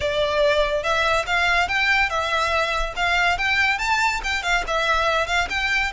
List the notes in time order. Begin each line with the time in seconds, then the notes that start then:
0.00 D5
0.83 E5
1.26 F5
1.68 G5
2.09 E5
2.96 F5
3.37 G5
3.78 A5
4.23 G5
4.42 F5
4.67 E5
5.26 F5
5.49 G5